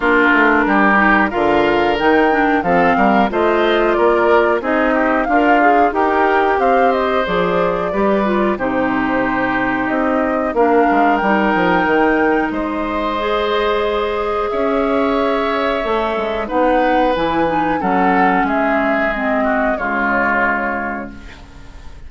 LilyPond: <<
  \new Staff \with { instrumentName = "flute" } { \time 4/4 \tempo 4 = 91 ais'2 f''4 g''4 | f''4 dis''4 d''4 dis''4 | f''4 g''4 f''8 dis''8 d''4~ | d''4 c''2 dis''4 |
f''4 g''2 dis''4~ | dis''2 e''2~ | e''4 fis''4 gis''4 fis''4 | e''4 dis''4 cis''2 | }
  \new Staff \with { instrumentName = "oboe" } { \time 4/4 f'4 g'4 ais'2 | a'8 ais'8 c''4 ais'4 gis'8 g'8 | f'4 ais'4 c''2 | b'4 g'2. |
ais'2. c''4~ | c''2 cis''2~ | cis''4 b'2 a'4 | gis'4. fis'8 f'2 | }
  \new Staff \with { instrumentName = "clarinet" } { \time 4/4 d'4. dis'8 f'4 dis'8 d'8 | c'4 f'2 dis'4 | ais'8 gis'8 g'2 gis'4 | g'8 f'8 dis'2. |
d'4 dis'2. | gis'1 | a'4 dis'4 e'8 dis'8 cis'4~ | cis'4 c'4 gis2 | }
  \new Staff \with { instrumentName = "bassoon" } { \time 4/4 ais8 a8 g4 d4 dis4 | f8 g8 a4 ais4 c'4 | d'4 dis'4 c'4 f4 | g4 c2 c'4 |
ais8 gis8 g8 f8 dis4 gis4~ | gis2 cis'2 | a8 gis8 b4 e4 fis4 | gis2 cis2 | }
>>